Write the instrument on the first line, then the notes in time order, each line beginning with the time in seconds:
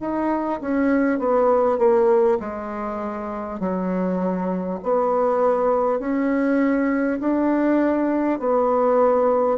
bassoon
0.00 D#4
0.61 C#4
1.19 B3
1.78 A#3
2.40 G#3
3.59 F#3
4.83 B3
5.99 C#4
7.20 D4
8.39 B3